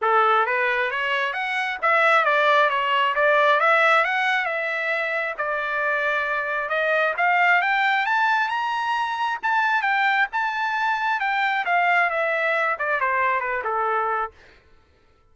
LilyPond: \new Staff \with { instrumentName = "trumpet" } { \time 4/4 \tempo 4 = 134 a'4 b'4 cis''4 fis''4 | e''4 d''4 cis''4 d''4 | e''4 fis''4 e''2 | d''2. dis''4 |
f''4 g''4 a''4 ais''4~ | ais''4 a''4 g''4 a''4~ | a''4 g''4 f''4 e''4~ | e''8 d''8 c''4 b'8 a'4. | }